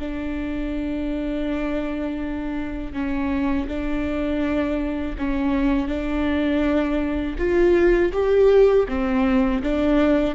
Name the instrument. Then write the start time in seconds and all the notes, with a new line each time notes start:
viola
0.00 D4
2.94 C#4
3.68 D4
5.19 C#4
5.88 D4
7.39 F4
8.13 G4
8.89 C4
9.63 D4